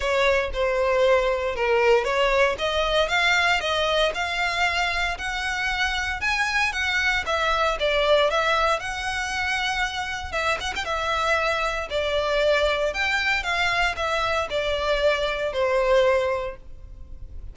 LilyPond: \new Staff \with { instrumentName = "violin" } { \time 4/4 \tempo 4 = 116 cis''4 c''2 ais'4 | cis''4 dis''4 f''4 dis''4 | f''2 fis''2 | gis''4 fis''4 e''4 d''4 |
e''4 fis''2. | e''8 fis''16 g''16 e''2 d''4~ | d''4 g''4 f''4 e''4 | d''2 c''2 | }